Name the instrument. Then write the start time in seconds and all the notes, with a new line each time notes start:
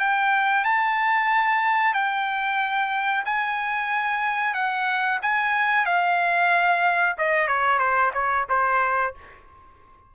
trumpet
0.00 G5
0.65 A5
1.94 G5
3.25 G#5
4.54 F#5
5.22 G#5
5.86 F5
7.18 D#5
7.48 C#5
7.79 C5
8.14 C#5
8.49 C5